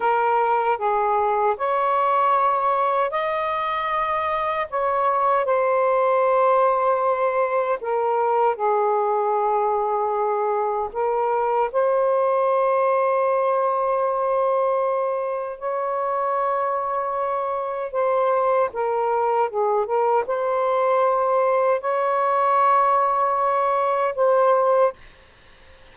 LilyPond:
\new Staff \with { instrumentName = "saxophone" } { \time 4/4 \tempo 4 = 77 ais'4 gis'4 cis''2 | dis''2 cis''4 c''4~ | c''2 ais'4 gis'4~ | gis'2 ais'4 c''4~ |
c''1 | cis''2. c''4 | ais'4 gis'8 ais'8 c''2 | cis''2. c''4 | }